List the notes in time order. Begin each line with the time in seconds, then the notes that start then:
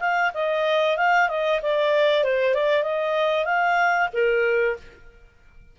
0.00 F5
0.34 D#5
0.97 F5
1.29 D#5
1.62 D5
2.24 C5
2.54 D5
2.83 D#5
3.45 F5
4.13 A#4